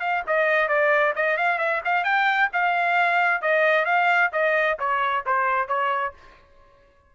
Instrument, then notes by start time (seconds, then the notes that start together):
trumpet
0.00 F5
0.26 D#5
0.68 D5
1.15 D#5
1.37 F5
1.58 E5
1.84 F5
2.04 G5
2.52 F5
3.42 D#5
3.85 F5
4.32 D#5
4.79 C#5
5.26 C5
5.68 C#5